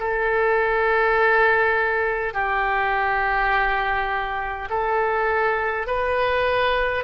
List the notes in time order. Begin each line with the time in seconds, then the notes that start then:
0.00 A4
2.34 G4
4.70 A4
5.87 B4